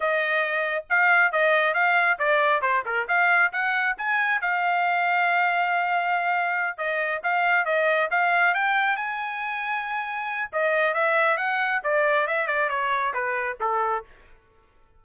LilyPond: \new Staff \with { instrumentName = "trumpet" } { \time 4/4 \tempo 4 = 137 dis''2 f''4 dis''4 | f''4 d''4 c''8 ais'8 f''4 | fis''4 gis''4 f''2~ | f''2.~ f''8 dis''8~ |
dis''8 f''4 dis''4 f''4 g''8~ | g''8 gis''2.~ gis''8 | dis''4 e''4 fis''4 d''4 | e''8 d''8 cis''4 b'4 a'4 | }